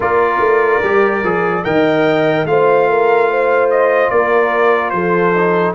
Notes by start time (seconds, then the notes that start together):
0.00 A#3 F4 A#4 D5
0.39 A3
0.83 G3 G4
1.23 F3 G#4
1.64 D#3 A#4 D#5 G5
2.44 A3 F4 C5 F5
2.89 A#4
3.30 C5
3.70 D#5
4.10 A#3 A#4 D5
4.90 F3 A4 C5
5.34 D#4